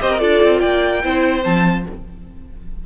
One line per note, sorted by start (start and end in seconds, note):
0.00 0.22 C4
0.00 0.19 G4
0.00 0.11 C5
0.00 0.18 D#5
0.11 0.20 A#4
0.18 0.43 D4
0.18 1.01 F4
0.18 0.60 A4
0.18 0.59 D5
0.43 0.63 C4
0.60 1.04 A#3
0.60 1.01 D5
0.60 1.42 G5
1.03 1.45 C4
1.03 1.42 E4
1.03 1.86 C5
1.42 1.86 F3
1.42 1.84 C4
1.42 1.85 A5